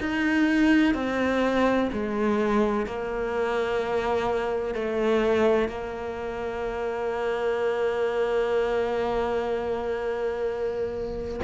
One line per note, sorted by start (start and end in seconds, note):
0.00 0.94 D#4
0.94 1.90 C4
1.93 2.86 G#3
2.86 4.74 A#3
4.74 5.69 A3
5.69 11.40 A#3